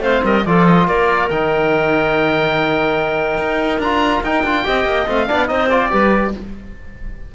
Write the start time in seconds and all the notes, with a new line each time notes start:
0.00 A3 C4 C5 F5
0.23 G3 A#4 D#5
0.46 F3 F4 A4 D5
0.66 D#5
0.87 A#3 A#4 D5
1.30 D#3 D#4 G5
3.37 D#4
3.79 D4 F4 A#5
4.23 D#4 G5
4.43 D4 F4
4.64 C4 G4 D#5
4.85 A#3
5.07 A3 C4 F5
5.27 B3 D4 D5
5.47 C4 D#4 C5 D#5
5.69 F4 D5
5.90 G3 G4 B4